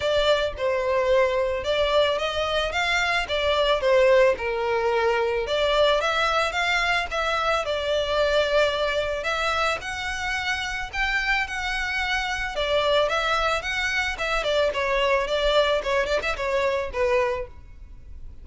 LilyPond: \new Staff \with { instrumentName = "violin" } { \time 4/4 \tempo 4 = 110 d''4 c''2 d''4 | dis''4 f''4 d''4 c''4 | ais'2 d''4 e''4 | f''4 e''4 d''2~ |
d''4 e''4 fis''2 | g''4 fis''2 d''4 | e''4 fis''4 e''8 d''8 cis''4 | d''4 cis''8 d''16 e''16 cis''4 b'4 | }